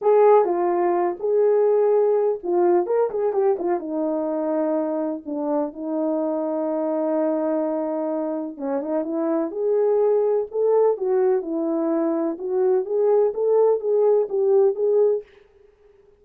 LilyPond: \new Staff \with { instrumentName = "horn" } { \time 4/4 \tempo 4 = 126 gis'4 f'4. gis'4.~ | gis'4 f'4 ais'8 gis'8 g'8 f'8 | dis'2. d'4 | dis'1~ |
dis'2 cis'8 dis'8 e'4 | gis'2 a'4 fis'4 | e'2 fis'4 gis'4 | a'4 gis'4 g'4 gis'4 | }